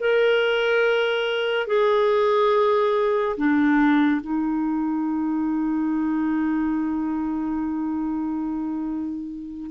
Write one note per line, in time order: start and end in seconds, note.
0.00 1.67 A#4
1.67 3.36 G#4
3.37 4.21 D4
4.21 9.71 D#4